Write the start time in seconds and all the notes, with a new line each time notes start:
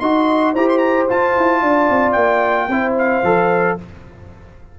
0.00 D#4 F#4 D#5 C6
0.53 E4 G4 C5 A#5
0.69 C6
0.78 A#5
1.09 F4 A5
1.37 E4
1.61 D4 D5
1.90 C4
2.12 A#3 G5
2.68 C4 E4 C5
2.98 F5
3.23 F3 A4